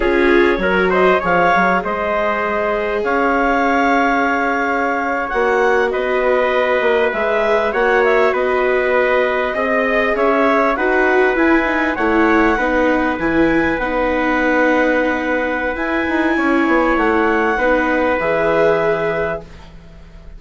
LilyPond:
<<
  \new Staff \with { instrumentName = "clarinet" } { \time 4/4 \tempo 4 = 99 cis''4. dis''8 f''4 dis''4~ | dis''4 f''2.~ | f''8. fis''4 dis''2 e''16~ | e''8. fis''8 e''8 dis''2~ dis''16~ |
dis''8. e''4 fis''4 gis''4 fis''16~ | fis''4.~ fis''16 gis''4 fis''4~ fis''16~ | fis''2 gis''2 | fis''2 e''2 | }
  \new Staff \with { instrumentName = "trumpet" } { \time 4/4 gis'4 ais'8 c''8 cis''4 c''4~ | c''4 cis''2.~ | cis''4.~ cis''16 b'2~ b'16~ | b'8. cis''4 b'2 dis''16~ |
dis''8. cis''4 b'2 cis''16~ | cis''8. b'2.~ b'16~ | b'2. cis''4~ | cis''4 b'2. | }
  \new Staff \with { instrumentName = "viola" } { \time 4/4 f'4 fis'4 gis'2~ | gis'1~ | gis'8. fis'2. gis'16~ | gis'8. fis'2. gis'16~ |
gis'4.~ gis'16 fis'4 e'8 dis'8 e'16~ | e'8. dis'4 e'4 dis'4~ dis'16~ | dis'2 e'2~ | e'4 dis'4 gis'2 | }
  \new Staff \with { instrumentName = "bassoon" } { \time 4/4 cis'4 fis4 f8 fis8 gis4~ | gis4 cis'2.~ | cis'8. ais4 b4. ais8 gis16~ | gis8. ais4 b2 c'16~ |
c'8. cis'4 dis'4 e'4 a16~ | a8. b4 e4 b4~ b16~ | b2 e'8 dis'8 cis'8 b8 | a4 b4 e2 | }
>>